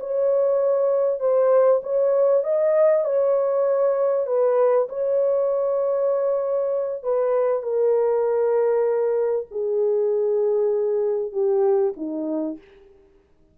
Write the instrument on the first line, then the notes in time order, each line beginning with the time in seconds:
horn
0.00 C#5
1.20 C5
1.83 C#5
2.44 D#5
3.05 C#5
4.27 B4
4.90 C#5
7.03 B4
7.63 A#4
9.51 G#4
11.32 G4
11.97 D#4